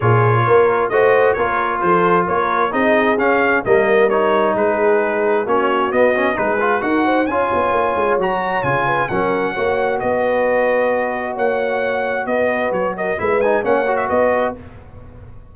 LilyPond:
<<
  \new Staff \with { instrumentName = "trumpet" } { \time 4/4 \tempo 4 = 132 cis''2 dis''4 cis''4 | c''4 cis''4 dis''4 f''4 | dis''4 cis''4 b'2 | cis''4 dis''4 b'4 fis''4 |
gis''2 ais''4 gis''4 | fis''2 dis''2~ | dis''4 fis''2 dis''4 | cis''8 dis''8 e''8 gis''8 fis''8. e''16 dis''4 | }
  \new Staff \with { instrumentName = "horn" } { \time 4/4 gis'4 ais'4 c''4 ais'4 | a'4 ais'4 gis'2 | ais'2 gis'2 | fis'2 gis'4 ais'8 c''8 |
cis''2.~ cis''8 b'8 | ais'4 cis''4 b'2~ | b'4 cis''2 b'4~ | b'8 ais'8 b'4 cis''4 b'4 | }
  \new Staff \with { instrumentName = "trombone" } { \time 4/4 f'2 fis'4 f'4~ | f'2 dis'4 cis'4 | ais4 dis'2. | cis'4 b8 cis'8 dis'8 f'8 fis'4 |
f'2 fis'4 f'4 | cis'4 fis'2.~ | fis'1~ | fis'4 e'8 dis'8 cis'8 fis'4. | }
  \new Staff \with { instrumentName = "tuba" } { \time 4/4 ais,4 ais4 a4 ais4 | f4 ais4 c'4 cis'4 | g2 gis2 | ais4 b4 gis4 dis'4 |
cis'8 b8 ais8 gis8 fis4 cis4 | fis4 ais4 b2~ | b4 ais2 b4 | fis4 gis4 ais4 b4 | }
>>